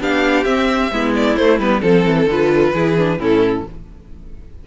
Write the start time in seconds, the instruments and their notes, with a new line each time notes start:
0.00 cello B3, viola D4, violin G4 F5
0.44 viola C4, cello C4, violin E5
0.91 cello G#3, viola B3, violin E4
1.15 violin D5
1.36 viola A3, cello A3, violin C5
1.58 cello G3, viola B3, violin B4
1.80 cello F3, viola C4, violin A4
2.05 cello E3
2.26 cello D3, viola F4, violin B4
2.74 cello E3, viola E4, violin G#4
2.97 viola D4
3.17 cello A2, viola C#4, violin E4 A4